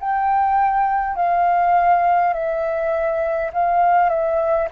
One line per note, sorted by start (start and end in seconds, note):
0.00 1.16 G5
1.16 2.34 F5
2.34 3.51 E5
3.53 4.10 F5
4.10 4.68 E5